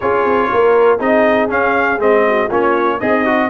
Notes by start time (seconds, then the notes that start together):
0.00 C#4 F4 G#4 C#5
0.24 C4
0.52 A#3 A#4
0.98 C4 D#4 G#4 D#5
1.48 C#4 F5
1.98 G#3 C4 D#5
2.28 F#4
2.47 A#3 C#4 F4 C#5
3.00 C4 D#4 G#4 D#5
3.25 F#4